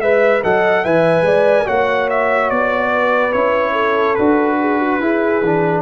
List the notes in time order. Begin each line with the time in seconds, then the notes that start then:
0.00 G#3 B4 E5
0.43 F#3 A4 D#5 F#5
0.83 E3 B4 E5 G#5
1.22 G#3 D5
1.65 A#3 F#4 C#5 F#5
2.10 E5
2.50 B3 D5
2.92 B4
3.32 C#4 E4 C#5
3.72 A4
4.14 D4 F#4 B4
4.60 G#4
4.79 F#4
5.00 E4 G#4
5.41 E3 D4